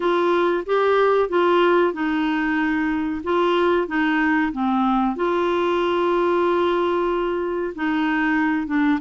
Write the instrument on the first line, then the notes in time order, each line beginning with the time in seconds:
clarinet
0.00 F4
0.66 G4
1.29 F4
1.93 D#4
3.23 F4
3.87 D#4
4.52 C4
5.16 F4
7.75 D#4
8.66 D4